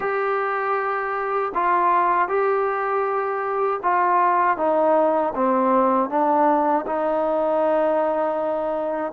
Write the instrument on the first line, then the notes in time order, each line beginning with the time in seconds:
trombone
0.00 G4
1.54 F4
2.28 G4
3.82 F4
4.57 D#4
5.35 C4
6.09 D4
6.86 D#4